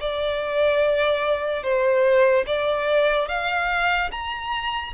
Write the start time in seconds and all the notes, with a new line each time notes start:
0.00 D5
1.63 C5
2.47 D5
3.28 F5
4.11 A#5